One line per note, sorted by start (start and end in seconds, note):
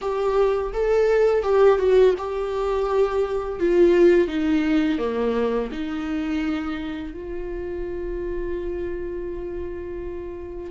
0.01 0.72 G4
0.73 1.43 A4
1.43 1.78 G4
1.79 2.14 F#4
2.18 3.59 G4
3.59 4.27 F4
4.27 4.98 D#4
4.98 5.69 A#3
5.71 7.13 D#4
7.13 10.70 F4